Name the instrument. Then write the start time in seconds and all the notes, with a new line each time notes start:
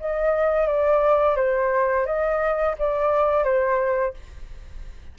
flute
0.00 D#5
0.67 D5
1.36 C5
2.06 D#5
2.78 D5
3.44 C5